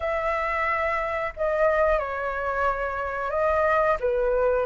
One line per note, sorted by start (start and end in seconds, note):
0.00 1.33 E5
1.36 1.98 D#5
1.98 3.30 C#5
3.30 3.97 D#5
3.99 4.66 B4